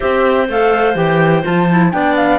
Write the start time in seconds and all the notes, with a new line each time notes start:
0.00 C4 G4 C5 E5
0.48 A3 A4 F5
0.95 E3 G4 G5
1.43 F3 F4 A5
1.69 E4
1.91 B3 D4 D5 G5
2.16 F5